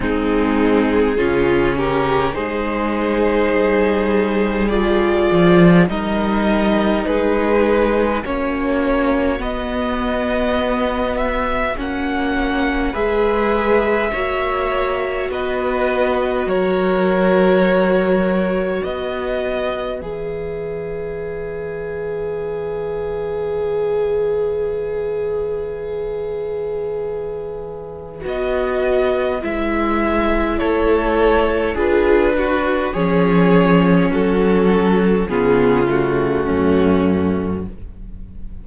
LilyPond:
<<
  \new Staff \with { instrumentName = "violin" } { \time 4/4 \tempo 4 = 51 gis'4. ais'8 c''2 | d''4 dis''4 b'4 cis''4 | dis''4. e''8 fis''4 e''4~ | e''4 dis''4 cis''2 |
dis''4 e''2.~ | e''1 | dis''4 e''4 cis''4 b'4 | cis''4 a'4 gis'8 fis'4. | }
  \new Staff \with { instrumentName = "violin" } { \time 4/4 dis'4 f'8 g'8 gis'2~ | gis'4 ais'4 gis'4 fis'4~ | fis'2. b'4 | cis''4 b'4 ais'2 |
b'1~ | b'1~ | b'2 a'4 gis'8 fis'8 | gis'4 fis'4 f'4 cis'4 | }
  \new Staff \with { instrumentName = "viola" } { \time 4/4 c'4 cis'4 dis'2 | f'4 dis'2 cis'4 | b2 cis'4 gis'4 | fis'1~ |
fis'4 gis'2.~ | gis'1 | fis'4 e'2 f'8 fis'8 | cis'2 b8 a4. | }
  \new Staff \with { instrumentName = "cello" } { \time 4/4 gis4 cis4 gis4 g4~ | g8 f8 g4 gis4 ais4 | b2 ais4 gis4 | ais4 b4 fis2 |
b4 e2.~ | e1 | b4 gis4 a4 d'4 | f4 fis4 cis4 fis,4 | }
>>